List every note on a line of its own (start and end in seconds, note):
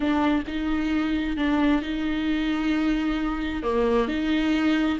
0.00 0.43 D4
0.47 1.37 D#4
1.37 1.82 D4
1.82 3.62 D#4
3.62 4.08 A#3
4.08 4.99 D#4